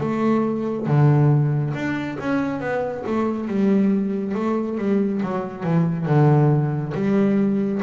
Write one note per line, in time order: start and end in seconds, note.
0.00 0.87 A3
0.87 1.74 D3
1.74 2.17 D4
2.20 2.60 C#4
2.60 3.04 B3
3.07 3.48 A3
3.48 4.35 G3
4.35 4.78 A3
4.78 5.21 G3
5.23 5.64 F#3
5.64 6.06 E3
6.06 6.93 D3
6.94 7.81 G3